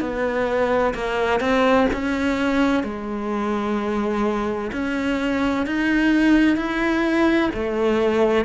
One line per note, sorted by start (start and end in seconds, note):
0.00 0.94 B3
0.94 1.40 A#3
1.40 1.87 C4
1.93 2.83 C#4
2.83 4.71 G#3
4.72 5.66 C#4
5.66 6.56 D#4
6.56 7.50 E4
7.54 8.45 A3